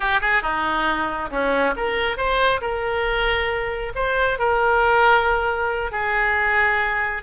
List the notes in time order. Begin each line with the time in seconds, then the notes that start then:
0.00 G4
0.21 G#4
0.42 D#4
1.30 C#4
1.76 A#4
2.17 C5
2.61 A#4
3.95 C5
4.39 A#4
5.91 G#4